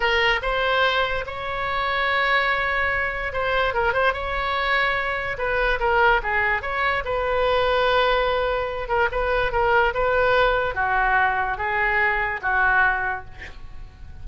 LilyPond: \new Staff \with { instrumentName = "oboe" } { \time 4/4 \tempo 4 = 145 ais'4 c''2 cis''4~ | cis''1 | c''4 ais'8 c''8 cis''2~ | cis''4 b'4 ais'4 gis'4 |
cis''4 b'2.~ | b'4. ais'8 b'4 ais'4 | b'2 fis'2 | gis'2 fis'2 | }